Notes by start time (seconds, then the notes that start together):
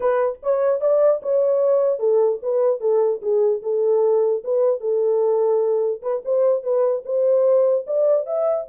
0.00 B4
0.42 C#5
0.80 D5
1.22 C#5
1.99 A4
2.42 B4
2.80 A4
3.21 G#4
3.62 A4
4.43 B4
4.80 A4
6.01 B4
6.24 C5
6.63 B4
7.05 C5
7.87 D5
8.26 E5